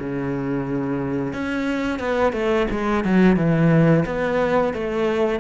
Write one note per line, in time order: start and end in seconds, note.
0.00 1.34 C#3
1.34 2.00 C#4
2.00 2.33 B3
2.33 2.67 A3
2.71 3.05 G#3
3.05 3.37 F#3
3.37 4.05 E3
4.06 4.74 B3
4.74 5.40 A3